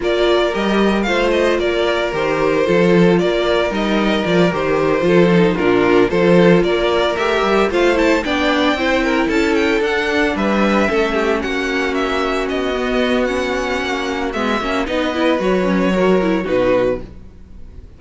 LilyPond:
<<
  \new Staff \with { instrumentName = "violin" } { \time 4/4 \tempo 4 = 113 d''4 dis''4 f''8 dis''8 d''4 | c''2 d''4 dis''4 | d''8 c''2 ais'4 c''8~ | c''8 d''4 e''4 f''8 a''8 g''8~ |
g''4. a''8 g''8 fis''4 e''8~ | e''4. fis''4 e''4 dis''8~ | dis''4 fis''2 e''4 | dis''4 cis''2 b'4 | }
  \new Staff \with { instrumentName = "violin" } { \time 4/4 ais'2 c''4 ais'4~ | ais'4 a'4 ais'2~ | ais'4. a'4 f'4 a'8~ | a'8 ais'2 c''4 d''8~ |
d''8 c''8 ais'8 a'2 b'8~ | b'8 a'8 g'8 fis'2~ fis'8~ | fis'1 | b'2 ais'4 fis'4 | }
  \new Staff \with { instrumentName = "viola" } { \time 4/4 f'4 g'4 f'2 | g'4 f'2 dis'4 | f'8 g'4 f'8 dis'8 d'4 f'8~ | f'4. g'4 f'8 e'8 d'8~ |
d'8 e'2 d'4.~ | d'8 cis'2.~ cis'8 | b4 cis'2 b8 cis'8 | dis'8 e'8 fis'8 cis'8 fis'8 e'8 dis'4 | }
  \new Staff \with { instrumentName = "cello" } { \time 4/4 ais4 g4 a4 ais4 | dis4 f4 ais4 g4 | f8 dis4 f4 ais,4 f8~ | f8 ais4 a8 g8 a4 b8~ |
b8 c'4 cis'4 d'4 g8~ | g8 a4 ais2 b8~ | b2 ais4 gis8 ais8 | b4 fis2 b,4 | }
>>